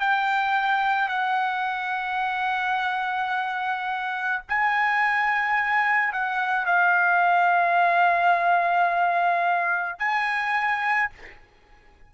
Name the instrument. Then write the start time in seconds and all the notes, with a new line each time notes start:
trumpet
0.00 G5
1.09 F#5
4.49 G#5
6.13 F#5
6.66 F5
9.99 G#5